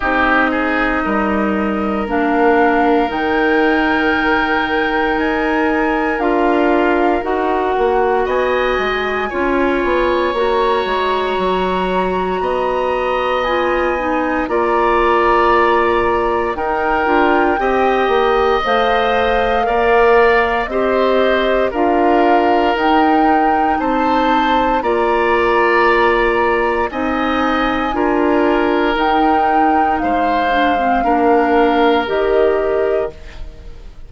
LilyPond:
<<
  \new Staff \with { instrumentName = "flute" } { \time 4/4 \tempo 4 = 58 dis''2 f''4 g''4~ | g''4 gis''4 f''4 fis''4 | gis''2 ais''2~ | ais''4 gis''4 ais''2 |
g''2 f''2 | dis''4 f''4 g''4 a''4 | ais''2 gis''2 | g''4 f''2 dis''4 | }
  \new Staff \with { instrumentName = "oboe" } { \time 4/4 g'8 gis'8 ais'2.~ | ais'1 | dis''4 cis''2. | dis''2 d''2 |
ais'4 dis''2 d''4 | c''4 ais'2 c''4 | d''2 dis''4 ais'4~ | ais'4 c''4 ais'2 | }
  \new Staff \with { instrumentName = "clarinet" } { \time 4/4 dis'2 d'4 dis'4~ | dis'2 f'4 fis'4~ | fis'4 f'4 fis'2~ | fis'4 f'8 dis'8 f'2 |
dis'8 f'8 g'4 c''4 ais'4 | g'4 f'4 dis'2 | f'2 dis'4 f'4 | dis'4. d'16 c'16 d'4 g'4 | }
  \new Staff \with { instrumentName = "bassoon" } { \time 4/4 c'4 g4 ais4 dis4~ | dis4 dis'4 d'4 dis'8 ais8 | b8 gis8 cis'8 b8 ais8 gis8 fis4 | b2 ais2 |
dis'8 d'8 c'8 ais8 a4 ais4 | c'4 d'4 dis'4 c'4 | ais2 c'4 d'4 | dis'4 gis4 ais4 dis4 | }
>>